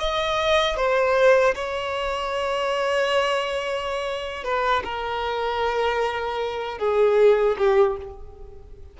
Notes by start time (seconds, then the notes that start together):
0.00 D#5
0.77 C5
1.55 C#5
4.44 B4
4.85 A#4
6.79 G#4
7.58 G4